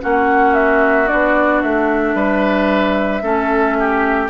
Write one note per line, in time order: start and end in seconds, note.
0.00 1.11 A#3
0.00 1.07 C#4
0.00 2.15 F#4
0.00 0.54 F#5
0.54 1.07 E5
1.07 1.63 B3
1.07 3.21 D4
1.07 1.61 D5
1.61 2.14 A3
1.61 4.29 E5
2.14 3.21 G3
2.14 3.22 B4
3.22 4.29 A3
3.22 4.29 C#4
3.22 3.77 A4
3.79 4.30 G4